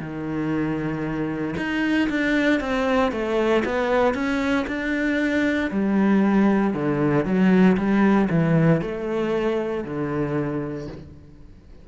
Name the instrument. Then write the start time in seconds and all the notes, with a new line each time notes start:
cello
0.00 D#3
1.58 D#4
2.10 D4
2.61 C4
3.12 A3
3.65 B3
4.14 C#4
4.67 D4
5.71 G3
6.74 D3
7.26 F#3
7.77 G3
8.30 E3
8.82 A3
9.85 D3